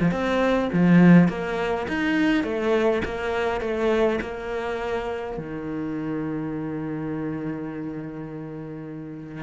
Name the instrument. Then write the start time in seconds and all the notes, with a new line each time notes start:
cello
0.00 F3
0.11 C4
0.73 F3
1.28 A#3
1.88 D#4
2.44 A3
3.05 A#3
3.61 A3
4.21 A#3
5.38 D#3